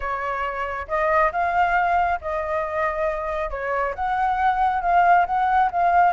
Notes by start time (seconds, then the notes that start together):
0.00 C#5
0.88 D#5
1.32 F5
2.21 D#5
3.50 C#5
3.94 F#5
4.81 F5
5.26 F#5
5.71 F5